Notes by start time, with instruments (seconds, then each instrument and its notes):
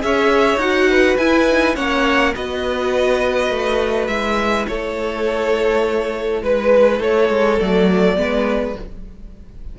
0.00 cello C#4, viola G#4, violin C#5 E5
0.56 cello D#4, viola F#4, violin F#5
0.90 violin B4
1.17 cello E4, viola E4, violin G#5
1.50 viola D#4
1.75 cello A#3, viola C#4, violin C#5 F#5
2.35 cello B3, viola F#4, violin B4 D#5
3.50 cello A3
4.07 cello G#3, viola E4, violin E5
4.67 cello A3, violin A4 C#5
6.42 cello G#3, violin B4
6.99 cello A3, violin A4 C#5
7.29 cello G#3
7.58 cello F#3, viola A3, violin D5
8.16 cello G#3, viola B3, violin B4